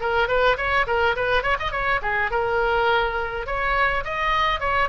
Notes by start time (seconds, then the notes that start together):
0.00 A#4
0.28 B4
0.57 C#5
0.87 A#4
1.16 B4
1.43 C#5
1.59 D#5
1.71 C#5
2.02 G#4
2.31 A#4
3.46 C#5
4.04 D#5
4.59 C#5